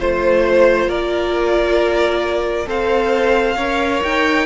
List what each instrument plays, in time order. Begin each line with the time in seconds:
0.00 cello A3, viola F4, violin C5
0.87 cello A#3, violin A#4 D5
2.67 cello C4, viola A4, violin C5 F5
3.56 cello C#4, viola A#4, violin C#5
4.04 cello D#4, violin G5